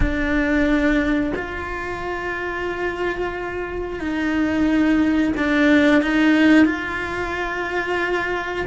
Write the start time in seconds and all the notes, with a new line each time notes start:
0.00 D4
1.35 F4
3.99 D#4
5.37 D4
6.02 D#4
6.65 F4